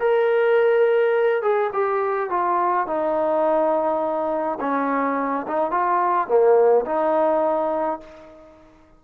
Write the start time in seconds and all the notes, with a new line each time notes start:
0.00 A#4
1.42 G#4
1.73 G4
2.30 F4
2.87 D#4
4.61 C#4
5.47 D#4
5.71 F4
6.28 A#3
6.86 D#4